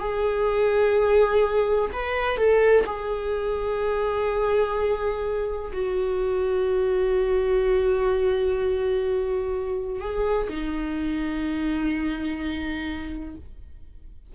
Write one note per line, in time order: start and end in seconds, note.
0.00 1.90 G#4
1.93 2.37 B4
2.37 2.85 A4
2.86 5.72 G#4
5.73 10.01 F#4
10.01 10.48 G#4
10.49 13.35 D#4